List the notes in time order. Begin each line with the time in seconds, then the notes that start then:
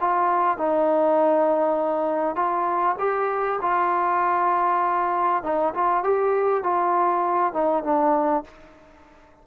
0.00 F4
0.57 D#4
2.35 F4
2.98 G4
3.61 F4
5.43 D#4
5.74 F4
6.03 G4
6.63 F4
7.53 D#4
7.83 D4